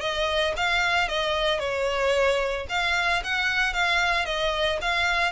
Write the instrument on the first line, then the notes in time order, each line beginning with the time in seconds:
violin
0.00 D#5
0.56 F5
1.08 D#5
1.59 C#5
2.69 F5
3.23 F#5
3.73 F5
4.25 D#5
4.81 F5